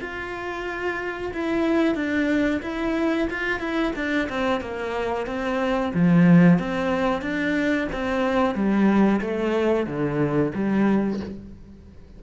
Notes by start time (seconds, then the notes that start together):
0.00 F4
1.33 E4
1.95 D4
2.62 E4
3.30 F4
3.59 E4
3.95 D4
4.29 C4
4.60 A#3
5.26 C4
5.94 F3
6.58 C4
7.21 D4
7.92 C4
8.54 G3
9.20 A3
9.86 D3
10.54 G3